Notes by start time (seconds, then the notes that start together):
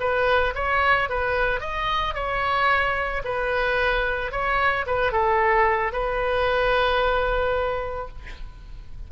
0.00 B4
0.55 C#5
1.09 B4
1.60 D#5
2.14 C#5
3.25 B4
4.31 C#5
4.86 B4
5.12 A4
5.92 B4